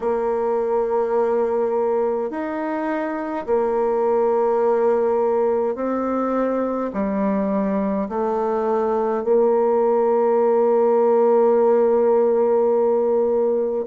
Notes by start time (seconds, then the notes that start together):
0.00 A#3
2.30 D#4
3.46 A#3
5.75 C4
6.93 G3
8.08 A3
9.23 A#3